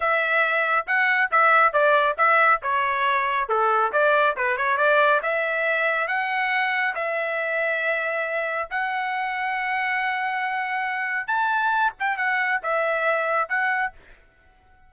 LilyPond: \new Staff \with { instrumentName = "trumpet" } { \time 4/4 \tempo 4 = 138 e''2 fis''4 e''4 | d''4 e''4 cis''2 | a'4 d''4 b'8 cis''8 d''4 | e''2 fis''2 |
e''1 | fis''1~ | fis''2 a''4. g''8 | fis''4 e''2 fis''4 | }